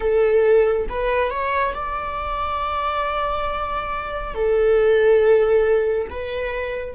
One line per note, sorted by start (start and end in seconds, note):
0.00 0.87 A4
0.89 1.30 B4
1.30 1.74 C#5
1.74 4.34 D5
4.34 6.08 A4
6.09 6.94 B4